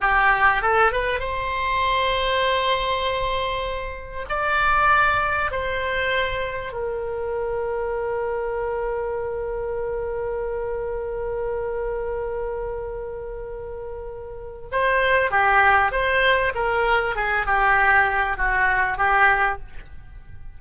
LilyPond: \new Staff \with { instrumentName = "oboe" } { \time 4/4 \tempo 4 = 98 g'4 a'8 b'8 c''2~ | c''2. d''4~ | d''4 c''2 ais'4~ | ais'1~ |
ais'1~ | ais'1 | c''4 g'4 c''4 ais'4 | gis'8 g'4. fis'4 g'4 | }